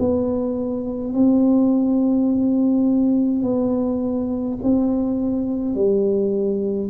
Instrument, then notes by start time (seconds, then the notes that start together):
tuba
0.00 B3
1.14 C4
3.44 B3
4.64 C4
5.75 G3